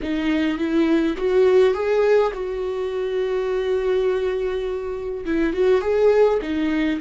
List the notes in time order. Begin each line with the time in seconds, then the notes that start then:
0.02 D#4
0.58 E4
1.17 F#4
1.73 G#4
2.33 F#4
5.25 E4
5.53 F#4
5.81 G#4
6.42 D#4